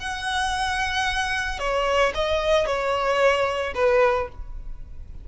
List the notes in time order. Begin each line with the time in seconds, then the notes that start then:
0.00 F#5
1.59 C#5
2.15 D#5
2.67 C#5
3.75 B4